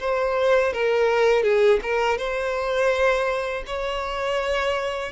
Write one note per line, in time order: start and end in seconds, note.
0.00 0.73 C5
0.73 1.43 A#4
1.43 1.80 G#4
1.83 2.18 A#4
2.18 3.64 C5
3.67 5.12 C#5